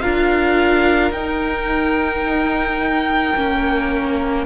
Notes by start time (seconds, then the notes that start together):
0.00 D4 F4 A#4 F5
1.11 D#4 G5
3.35 A#3 C#4